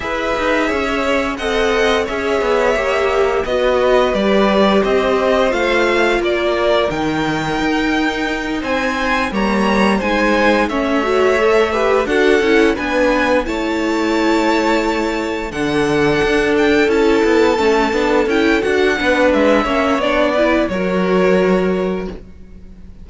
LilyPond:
<<
  \new Staff \with { instrumentName = "violin" } { \time 4/4 \tempo 4 = 87 e''2 fis''4 e''4~ | e''4 dis''4 d''4 dis''4 | f''4 d''4 g''2~ | g''8 gis''4 ais''4 gis''4 e''8~ |
e''4. fis''4 gis''4 a''8~ | a''2~ a''8 fis''4. | g''8 a''2 g''8 fis''4 | e''4 d''4 cis''2 | }
  \new Staff \with { instrumentName = "violin" } { \time 4/4 b'4 cis''4 dis''4 cis''4~ | cis''4 b'2 c''4~ | c''4 ais'2.~ | ais'8 c''4 cis''4 c''4 cis''8~ |
cis''4 b'8 a'4 b'4 cis''8~ | cis''2~ cis''8 a'4.~ | a'2.~ a'8 b'8~ | b'8 cis''4 b'8 ais'2 | }
  \new Staff \with { instrumentName = "viola" } { \time 4/4 gis'2 a'4 gis'4 | g'4 fis'4 g'2 | f'2 dis'2~ | dis'4. ais4 dis'4 cis'8 |
fis'8 a'8 g'8 fis'8 e'8 d'4 e'8~ | e'2~ e'8 d'4.~ | d'8 e'4 cis'8 d'8 e'8 fis'8 d'8~ | d'8 cis'8 d'8 e'8 fis'2 | }
  \new Staff \with { instrumentName = "cello" } { \time 4/4 e'8 dis'8 cis'4 c'4 cis'8 b8 | ais4 b4 g4 c'4 | a4 ais4 dis4 dis'4~ | dis'8 c'4 g4 gis4 a8~ |
a4. d'8 cis'8 b4 a8~ | a2~ a8 d4 d'8~ | d'8 cis'8 b8 a8 b8 cis'8 d'8 b8 | gis8 ais8 b4 fis2 | }
>>